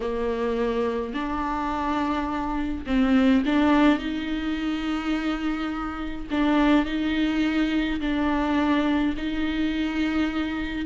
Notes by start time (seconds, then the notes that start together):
0.00 A#3
1.13 D4
2.86 C4
3.45 D4
3.98 D#4
6.30 D4
6.85 D#4
8.00 D4
9.17 D#4